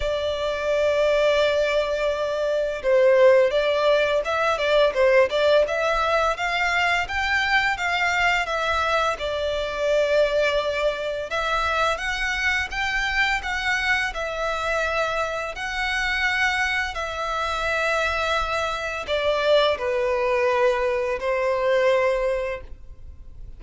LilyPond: \new Staff \with { instrumentName = "violin" } { \time 4/4 \tempo 4 = 85 d''1 | c''4 d''4 e''8 d''8 c''8 d''8 | e''4 f''4 g''4 f''4 | e''4 d''2. |
e''4 fis''4 g''4 fis''4 | e''2 fis''2 | e''2. d''4 | b'2 c''2 | }